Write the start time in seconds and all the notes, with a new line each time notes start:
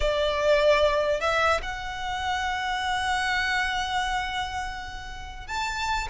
0.00 D5
1.20 E5
1.62 F#5
5.47 A5